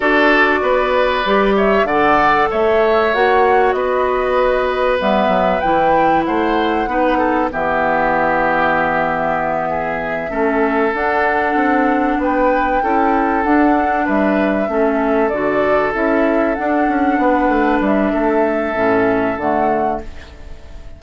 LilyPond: <<
  \new Staff \with { instrumentName = "flute" } { \time 4/4 \tempo 4 = 96 d''2~ d''8 e''8 fis''4 | e''4 fis''4 dis''2 | e''4 g''4 fis''2 | e''1~ |
e''4. fis''2 g''8~ | g''4. fis''4 e''4.~ | e''8 d''4 e''4 fis''4.~ | fis''8 e''2~ e''8 fis''4 | }
  \new Staff \with { instrumentName = "oboe" } { \time 4/4 a'4 b'4. cis''8 d''4 | cis''2 b'2~ | b'2 c''4 b'8 a'8 | g'2.~ g'8 gis'8~ |
gis'8 a'2. b'8~ | b'8 a'2 b'4 a'8~ | a'2.~ a'8 b'8~ | b'4 a'2. | }
  \new Staff \with { instrumentName = "clarinet" } { \time 4/4 fis'2 g'4 a'4~ | a'4 fis'2. | b4 e'2 dis'4 | b1~ |
b8 cis'4 d'2~ d'8~ | d'8 e'4 d'2 cis'8~ | cis'8 fis'4 e'4 d'4.~ | d'2 cis'4 a4 | }
  \new Staff \with { instrumentName = "bassoon" } { \time 4/4 d'4 b4 g4 d4 | a4 ais4 b2 | g8 fis8 e4 a4 b4 | e1~ |
e8 a4 d'4 c'4 b8~ | b8 cis'4 d'4 g4 a8~ | a8 d4 cis'4 d'8 cis'8 b8 | a8 g8 a4 a,4 d4 | }
>>